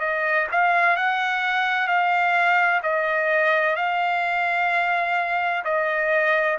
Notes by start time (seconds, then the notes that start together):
0.00 D#5
0.52 F5
0.96 F#5
1.87 F5
2.83 D#5
3.76 F5
5.64 D#5